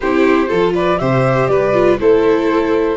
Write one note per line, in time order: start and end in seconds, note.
0.00 0.51 C4
0.00 0.47 E4
0.00 0.48 G4
0.00 0.73 C5
0.47 1.01 F3
0.47 0.96 F4
0.47 0.73 A4
0.74 0.99 B4
0.74 0.98 D5
0.98 1.48 C3
0.98 1.73 G4
0.98 1.49 C5
0.98 1.47 E5
1.47 1.98 G3
1.47 1.99 B4
1.47 1.96 D5
1.73 1.98 F4
1.99 2.97 A3
1.99 2.97 E4
1.99 2.97 A4
1.99 2.97 C5